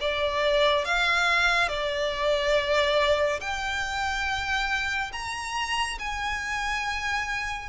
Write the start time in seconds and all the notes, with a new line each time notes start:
0.00 D5
0.85 F5
1.68 D5
3.40 G5
5.12 A#5
5.98 G#5